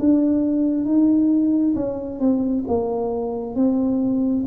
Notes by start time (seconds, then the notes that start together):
0.00 D4
0.85 D#4
1.75 C#4
2.20 C4
2.68 A#3
3.56 C4